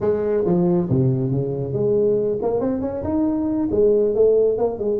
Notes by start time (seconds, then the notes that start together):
0.00 G#3
0.45 F3
0.89 C3
1.31 C#3
1.73 G#3
2.42 A#3
2.60 C4
2.81 C#4
3.03 D#4
3.71 G#3
4.14 A3
4.58 A#3
4.78 G#3